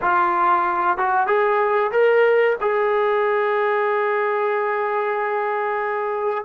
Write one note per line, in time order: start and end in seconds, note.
0.01 0.97 F4
0.97 1.26 F#4
1.26 1.91 G#4
1.91 2.56 A#4
2.60 6.44 G#4